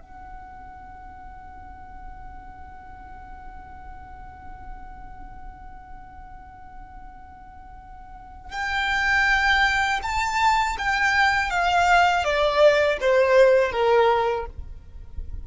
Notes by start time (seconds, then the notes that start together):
0.00 F#5
8.51 G5
10.02 A5
10.78 G5
11.50 F5
12.24 D5
13.00 C5
13.71 A#4